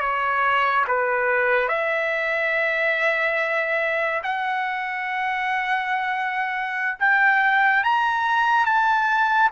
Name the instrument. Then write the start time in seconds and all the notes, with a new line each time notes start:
trumpet
0.00 C#5
0.87 B4
1.68 E5
4.23 F#5
6.99 G5
7.84 A#5
8.65 A5